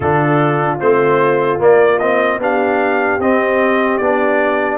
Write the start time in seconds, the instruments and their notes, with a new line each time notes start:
0.00 tuba D3, trombone D4, horn F4, trumpet A4
0.80 tuba A3, trombone C4, trumpet C5
1.58 trombone A#3, tuba A#3, trumpet D5
1.99 trombone C4, trumpet D#5
2.38 tuba B3, trombone D4, horn G4, trumpet F5
3.19 tuba C4, trombone C4, trumpet D#5
3.97 tuba B3, trombone D4, trumpet D5